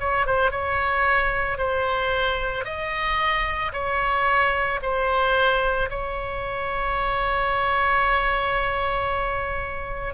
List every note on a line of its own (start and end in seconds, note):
0.00 0.26 C#5
0.26 0.51 C5
0.51 1.58 C#5
1.58 2.65 C5
2.65 3.72 D#5
3.73 4.80 C#5
4.82 5.89 C5
5.90 10.14 C#5